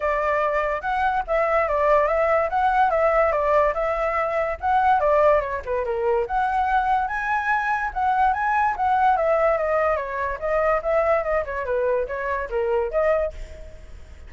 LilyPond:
\new Staff \with { instrumentName = "flute" } { \time 4/4 \tempo 4 = 144 d''2 fis''4 e''4 | d''4 e''4 fis''4 e''4 | d''4 e''2 fis''4 | d''4 cis''8 b'8 ais'4 fis''4~ |
fis''4 gis''2 fis''4 | gis''4 fis''4 e''4 dis''4 | cis''4 dis''4 e''4 dis''8 cis''8 | b'4 cis''4 ais'4 dis''4 | }